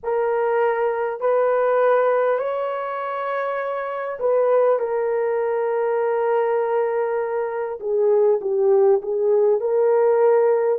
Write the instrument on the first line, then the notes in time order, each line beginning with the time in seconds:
horn
0.03 A#4
1.20 B4
2.38 C#5
4.19 B4
4.79 A#4
7.80 G#4
8.41 G4
9.02 G#4
9.60 A#4